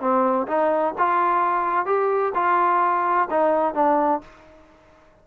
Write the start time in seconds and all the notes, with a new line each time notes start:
0.00 C4
0.47 D#4
0.98 F4
1.86 G4
2.35 F4
3.30 D#4
3.74 D4